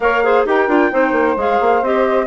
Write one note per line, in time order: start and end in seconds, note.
0.00 0.44 A#3
0.00 0.23 A#4
0.00 0.23 C#5
0.00 0.45 F5
0.23 0.46 G#4
0.23 0.46 C5
0.45 0.67 D#4
0.45 0.68 G4
0.45 0.91 A#4
0.45 1.38 G5
0.67 0.90 D4
0.67 0.91 F4
0.91 1.12 C4
0.91 1.36 D#4
0.91 2.27 C5
1.12 1.34 A#3
1.36 1.59 G#3
1.36 1.83 G#4
1.36 1.84 F5
1.60 1.82 A#3
1.82 2.27 C4
1.82 2.27 G4
1.82 2.27 D#5